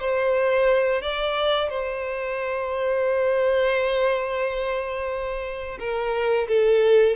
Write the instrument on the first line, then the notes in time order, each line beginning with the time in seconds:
violin
0.00 C5
1.02 D5
1.69 C5
5.79 A#4
6.48 A4